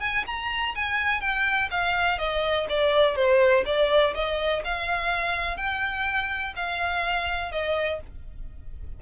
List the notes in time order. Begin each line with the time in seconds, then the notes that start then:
0.00 G#5
0.27 A#5
0.75 G#5
1.21 G5
1.71 F5
2.18 D#5
2.69 D5
3.16 C5
3.66 D5
4.15 D#5
4.65 F5
5.57 G5
6.56 F5
7.52 D#5